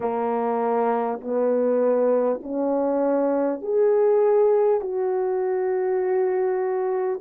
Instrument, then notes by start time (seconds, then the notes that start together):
horn
0.00 A#3
1.20 B3
2.42 C#4
3.61 G#4
4.81 F#4